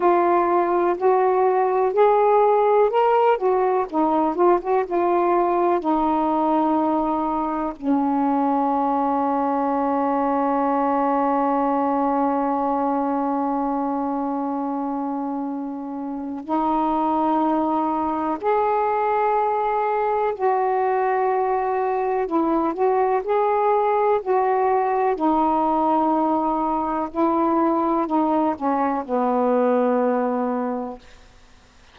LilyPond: \new Staff \with { instrumentName = "saxophone" } { \time 4/4 \tempo 4 = 62 f'4 fis'4 gis'4 ais'8 fis'8 | dis'8 f'16 fis'16 f'4 dis'2 | cis'1~ | cis'1~ |
cis'4 dis'2 gis'4~ | gis'4 fis'2 e'8 fis'8 | gis'4 fis'4 dis'2 | e'4 dis'8 cis'8 b2 | }